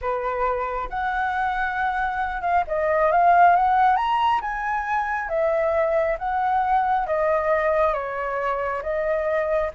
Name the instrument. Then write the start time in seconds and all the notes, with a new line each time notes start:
flute
0.01 B4
0.89 F#5
2.41 F5
2.67 D#5
3.11 F5
3.55 F#5
3.96 A#5
4.41 G#5
5.29 E5
6.18 F#5
7.06 D#5
7.93 C#5
8.82 D#5